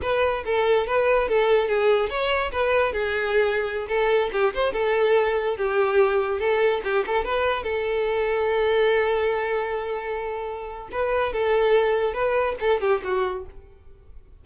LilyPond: \new Staff \with { instrumentName = "violin" } { \time 4/4 \tempo 4 = 143 b'4 a'4 b'4 a'4 | gis'4 cis''4 b'4 gis'4~ | gis'4~ gis'16 a'4 g'8 c''8 a'8.~ | a'4~ a'16 g'2 a'8.~ |
a'16 g'8 a'8 b'4 a'4.~ a'16~ | a'1~ | a'2 b'4 a'4~ | a'4 b'4 a'8 g'8 fis'4 | }